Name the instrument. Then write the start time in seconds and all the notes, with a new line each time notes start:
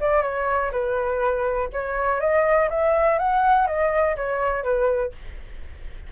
flute
0.00 D5
0.22 C#5
0.71 B4
1.73 C#5
2.20 D#5
2.70 E5
3.18 F#5
3.67 D#5
4.16 C#5
4.63 B4